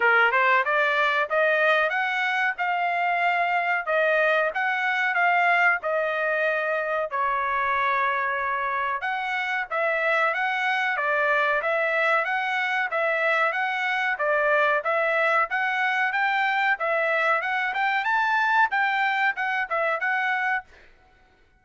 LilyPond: \new Staff \with { instrumentName = "trumpet" } { \time 4/4 \tempo 4 = 93 ais'8 c''8 d''4 dis''4 fis''4 | f''2 dis''4 fis''4 | f''4 dis''2 cis''4~ | cis''2 fis''4 e''4 |
fis''4 d''4 e''4 fis''4 | e''4 fis''4 d''4 e''4 | fis''4 g''4 e''4 fis''8 g''8 | a''4 g''4 fis''8 e''8 fis''4 | }